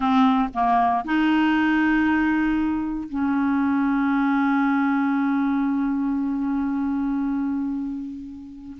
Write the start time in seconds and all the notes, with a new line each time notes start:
0.00 C4
0.54 A#3
1.04 D#4
3.08 C#4